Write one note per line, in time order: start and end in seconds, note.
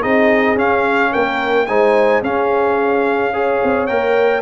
0.00 0.55 C4
0.00 0.56 D#4
0.00 1.10 G#4
0.00 0.57 D#5
0.55 1.10 C#4
0.55 1.66 C#4
0.55 1.13 F5
1.12 1.68 A#3
1.12 1.67 A#4
1.12 1.66 G5
1.66 2.22 G#3
1.66 2.23 D#4
1.66 2.23 C5
1.66 2.21 G#5
2.22 3.59 C#4
2.22 3.33 C#4
2.22 3.33 G#4
2.22 3.86 F5
3.33 3.88 G#4
3.33 4.41 C#5
3.63 3.88 C4
3.86 4.41 A#3
3.86 4.41 A#4
3.86 4.41 G5